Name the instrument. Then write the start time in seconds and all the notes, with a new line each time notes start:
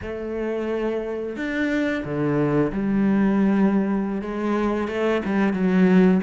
cello
0.02 A3
1.36 D4
2.04 D3
2.72 G3
4.21 G#3
4.88 A3
5.25 G3
5.53 F#3